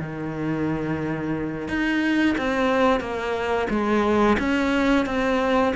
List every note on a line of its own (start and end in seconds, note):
0.00 1.69 D#3
1.69 2.36 D#4
2.38 3.01 C4
3.01 3.68 A#3
3.70 4.38 G#3
4.39 5.06 C#4
5.06 5.74 C4